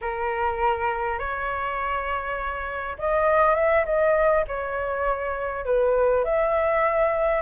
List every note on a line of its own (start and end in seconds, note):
0.01 1.18 A#4
1.18 2.96 C#5
2.98 3.55 D#5
3.55 3.84 E5
3.85 4.44 D#5
4.47 5.65 C#5
5.65 6.24 B4
6.24 7.41 E5